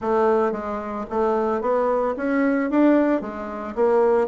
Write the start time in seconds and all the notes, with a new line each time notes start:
0.01 A3
0.52 G#3
1.10 A3
1.61 B3
2.16 C#4
2.70 D4
3.21 G#3
3.75 A#3